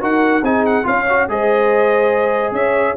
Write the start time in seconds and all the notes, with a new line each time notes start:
0.00 D#4 F#4 A#4 F#5
0.42 C4 D#4 G#4 G#5
0.65 F#5
0.83 C#4 F4 C#5 F5
1.09 F#4
1.28 G#3 G#4 C5 D#5
2.51 C#4 C#5 E5